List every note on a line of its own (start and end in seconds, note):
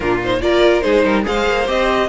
0.00 0.41 A#2
0.00 0.22 D4
0.00 0.39 F4
0.00 0.19 A#4
0.22 0.41 D#4
0.22 0.42 C5
0.41 0.83 A#3
0.41 0.82 F4
0.41 0.84 A#4
0.41 0.80 D5
0.80 1.04 G#3
0.80 1.23 D#4
0.80 1.04 G#4
0.80 1.22 C5
1.04 1.25 G3
1.04 1.24 A#4
1.23 1.47 G#3
1.23 1.65 G#4
1.23 2.08 C5
1.23 1.68 F5
1.47 1.67 A#3
1.66 2.08 C4
1.66 2.08 G4
1.66 2.08 D#5